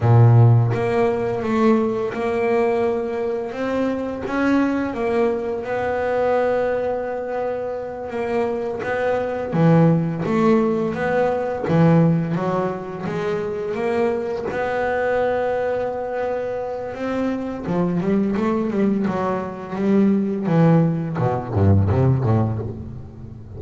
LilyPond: \new Staff \with { instrumentName = "double bass" } { \time 4/4 \tempo 4 = 85 ais,4 ais4 a4 ais4~ | ais4 c'4 cis'4 ais4 | b2.~ b8 ais8~ | ais8 b4 e4 a4 b8~ |
b8 e4 fis4 gis4 ais8~ | ais8 b2.~ b8 | c'4 f8 g8 a8 g8 fis4 | g4 e4 b,8 g,8 c8 a,8 | }